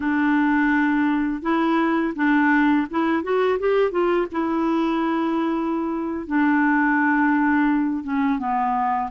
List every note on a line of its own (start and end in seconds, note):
0.00 1.42 D4
1.42 2.13 E4
2.15 2.87 D4
2.90 3.23 E4
3.23 3.58 F#4
3.59 3.91 G4
3.91 4.26 F4
4.31 6.26 E4
6.26 8.03 D4
8.03 8.38 C#4
8.38 9.10 B3